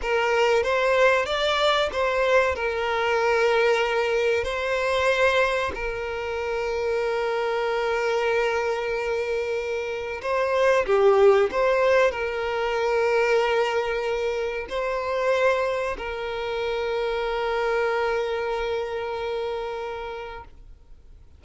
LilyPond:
\new Staff \with { instrumentName = "violin" } { \time 4/4 \tempo 4 = 94 ais'4 c''4 d''4 c''4 | ais'2. c''4~ | c''4 ais'2.~ | ais'1 |
c''4 g'4 c''4 ais'4~ | ais'2. c''4~ | c''4 ais'2.~ | ais'1 | }